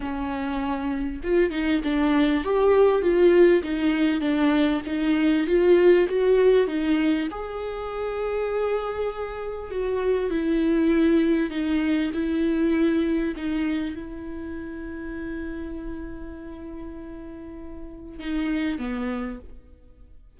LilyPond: \new Staff \with { instrumentName = "viola" } { \time 4/4 \tempo 4 = 99 cis'2 f'8 dis'8 d'4 | g'4 f'4 dis'4 d'4 | dis'4 f'4 fis'4 dis'4 | gis'1 |
fis'4 e'2 dis'4 | e'2 dis'4 e'4~ | e'1~ | e'2 dis'4 b4 | }